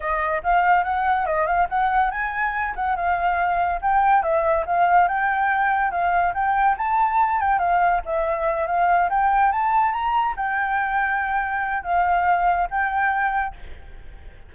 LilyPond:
\new Staff \with { instrumentName = "flute" } { \time 4/4 \tempo 4 = 142 dis''4 f''4 fis''4 dis''8 f''8 | fis''4 gis''4. fis''8 f''4~ | f''4 g''4 e''4 f''4 | g''2 f''4 g''4 |
a''4. g''8 f''4 e''4~ | e''8 f''4 g''4 a''4 ais''8~ | ais''8 g''2.~ g''8 | f''2 g''2 | }